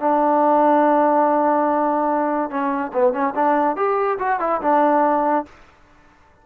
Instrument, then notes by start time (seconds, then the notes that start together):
trombone
0.00 D4
2.50 C#4
2.94 B3
3.13 C#4
3.35 D4
3.76 G4
4.19 F#4
4.40 E4
4.62 D4